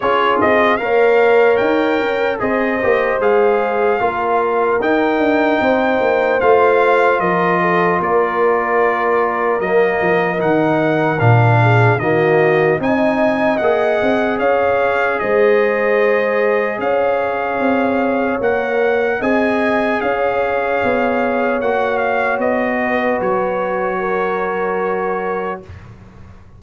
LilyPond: <<
  \new Staff \with { instrumentName = "trumpet" } { \time 4/4 \tempo 4 = 75 cis''8 dis''8 f''4 g''4 dis''4 | f''2 g''2 | f''4 dis''4 d''2 | dis''4 fis''4 f''4 dis''4 |
gis''4 fis''4 f''4 dis''4~ | dis''4 f''2 fis''4 | gis''4 f''2 fis''8 f''8 | dis''4 cis''2. | }
  \new Staff \with { instrumentName = "horn" } { \time 4/4 gis'4 cis''2 c''4~ | c''4 ais'2 c''4~ | c''4 ais'8 a'8 ais'2~ | ais'2~ ais'8 gis'8 fis'4 |
dis''2 cis''4 c''4~ | c''4 cis''2. | dis''4 cis''2.~ | cis''8 b'4. ais'2 | }
  \new Staff \with { instrumentName = "trombone" } { \time 4/4 f'4 ais'2 gis'8 g'8 | gis'4 f'4 dis'2 | f'1 | ais4 dis'4 d'4 ais4 |
dis'4 gis'2.~ | gis'2. ais'4 | gis'2. fis'4~ | fis'1 | }
  \new Staff \with { instrumentName = "tuba" } { \time 4/4 cis'8 c'8 ais4 dis'8 cis'8 c'8 ais8 | gis4 ais4 dis'8 d'8 c'8 ais8 | a4 f4 ais2 | fis8 f8 dis4 ais,4 dis4 |
c'4 ais8 c'8 cis'4 gis4~ | gis4 cis'4 c'4 ais4 | c'4 cis'4 b4 ais4 | b4 fis2. | }
>>